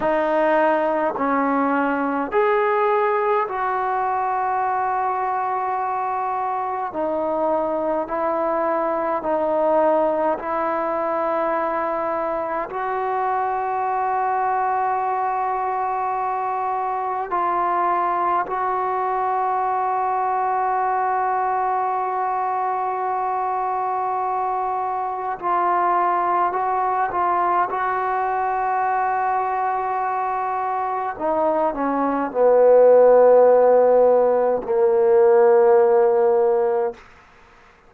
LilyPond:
\new Staff \with { instrumentName = "trombone" } { \time 4/4 \tempo 4 = 52 dis'4 cis'4 gis'4 fis'4~ | fis'2 dis'4 e'4 | dis'4 e'2 fis'4~ | fis'2. f'4 |
fis'1~ | fis'2 f'4 fis'8 f'8 | fis'2. dis'8 cis'8 | b2 ais2 | }